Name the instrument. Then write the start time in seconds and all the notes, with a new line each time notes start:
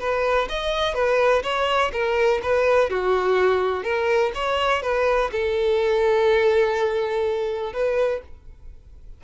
violin
0.00 B4
0.49 D#5
0.95 B4
1.43 C#5
1.93 A#4
2.43 B4
2.90 F#4
3.84 A#4
4.35 C#5
4.82 B4
5.32 A4
7.73 B4